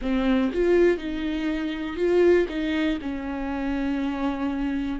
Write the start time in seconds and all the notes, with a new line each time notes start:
0.01 C4
0.52 F4
0.97 D#4
1.96 F4
2.48 D#4
3.01 C#4